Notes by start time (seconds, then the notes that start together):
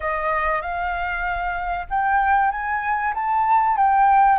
0.00 D#5
0.61 F5
1.89 G5
2.51 G#5
3.14 A5
3.76 G5